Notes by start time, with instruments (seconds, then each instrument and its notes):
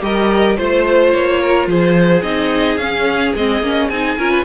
0.00 cello G3, viola G4, violin A#4 D#5
0.56 cello A3, viola F4, violin C5
1.12 cello A#3, violin C#5
1.40 violin A#4
1.66 cello F3, violin G#4 C5
2.22 cello C4, viola D#4, violin D#5
2.77 cello C#4, viola C#4, violin F5
3.35 cello G#3, viola C4, violin D#5
3.61 cello A#3, viola C#4
3.88 cello C4, viola D#4, violin G#5
4.17 cello C#4, viola F4, violin A#4
4.31 violin B4